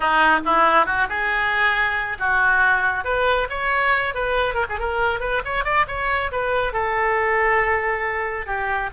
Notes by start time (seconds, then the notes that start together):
0.00 D#4
0.45 E4
0.86 F#4
1.09 G#4
2.19 F#4
3.04 B4
3.49 C#5
4.14 B4
4.54 A#4
4.69 G#4
4.79 A#4
5.20 B4
5.44 C#5
5.64 D5
5.87 C#5
6.31 B4
6.72 A4
8.46 G4